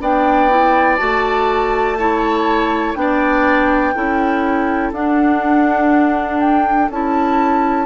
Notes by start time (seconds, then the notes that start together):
0.00 B3 D4 D5 G5
0.49 E4
0.96 A3 F#4 A5
1.98 E4 C#5
2.95 B3 D4 D5 G5
3.94 C#4 E4 A4
4.92 D4 F#5
6.40 G5
6.89 C#4 E4 A5